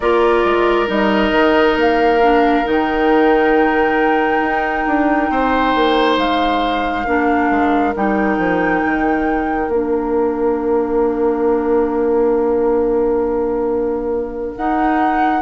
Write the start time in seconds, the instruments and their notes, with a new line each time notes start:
0.00 bassoon A#3, clarinet F4, oboe A#4, flute D5
0.44 bassoon G#3
0.86 bassoon G3, clarinet D#4, flute D#5
1.31 bassoon D#3
1.75 bassoon A#3, flute F5
2.22 clarinet D4
2.63 bassoon D#3, clarinet D#4, flute G5
4.40 bassoon D#4
4.87 bassoon D4
5.30 bassoon C4, oboe C5
5.74 bassoon A#3
6.17 bassoon G#3, flute F5
7.04 bassoon A#3, clarinet D4, oboe A#4
7.49 bassoon G#3
7.95 bassoon G3, clarinet D#4, flute G5
8.38 bassoon F3
8.85 bassoon D#3
9.68 bassoon A#3, clarinet D4, flute F5
14.56 bassoon D#4, clarinet D#4, flute F#5